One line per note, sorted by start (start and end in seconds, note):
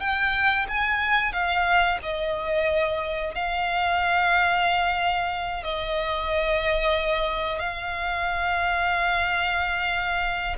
0.00 0.66 G5
0.68 1.32 G#5
1.32 1.98 F5
2.03 3.34 D#5
3.34 5.63 F5
5.63 7.59 D#5
7.59 10.56 F5